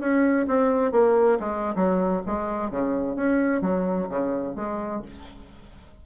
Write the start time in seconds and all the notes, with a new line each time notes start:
0.00 C#4
0.48 C4
0.92 A#3
1.40 G#3
1.76 F#3
2.26 G#3
2.71 C#3
3.16 C#4
3.62 F#3
4.09 C#3
4.56 G#3